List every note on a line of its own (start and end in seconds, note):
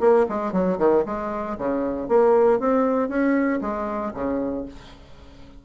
0.00 0.26 A#3
0.28 0.52 G#3
0.52 0.78 F#3
0.78 1.04 D#3
1.05 1.57 G#3
1.58 2.08 C#3
2.08 2.59 A#3
2.59 3.08 C4
3.08 3.60 C#4
3.61 4.12 G#3
4.14 4.65 C#3